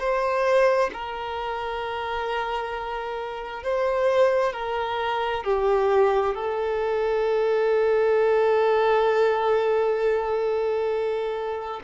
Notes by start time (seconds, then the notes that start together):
0.00 C5
0.93 A#4
3.64 C5
4.53 A#4
5.45 G4
6.35 A4